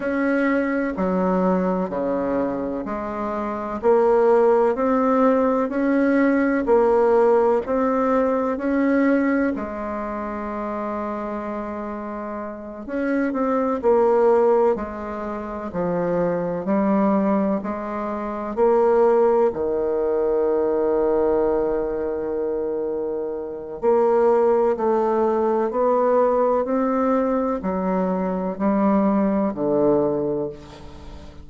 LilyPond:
\new Staff \with { instrumentName = "bassoon" } { \time 4/4 \tempo 4 = 63 cis'4 fis4 cis4 gis4 | ais4 c'4 cis'4 ais4 | c'4 cis'4 gis2~ | gis4. cis'8 c'8 ais4 gis8~ |
gis8 f4 g4 gis4 ais8~ | ais8 dis2.~ dis8~ | dis4 ais4 a4 b4 | c'4 fis4 g4 d4 | }